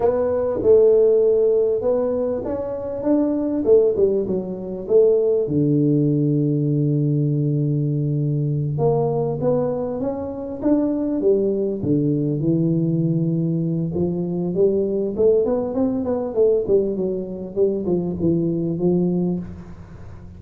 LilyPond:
\new Staff \with { instrumentName = "tuba" } { \time 4/4 \tempo 4 = 99 b4 a2 b4 | cis'4 d'4 a8 g8 fis4 | a4 d2.~ | d2~ d8 ais4 b8~ |
b8 cis'4 d'4 g4 d8~ | d8 e2~ e8 f4 | g4 a8 b8 c'8 b8 a8 g8 | fis4 g8 f8 e4 f4 | }